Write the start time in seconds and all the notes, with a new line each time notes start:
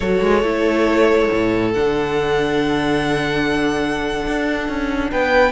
0.00 F#3 F#4 A4 C#5
0.21 G#3
0.42 A3 E4
1.32 A2
1.73 D3 D4 F#5
4.27 D4
4.68 C#4
5.10 B3 B4 G5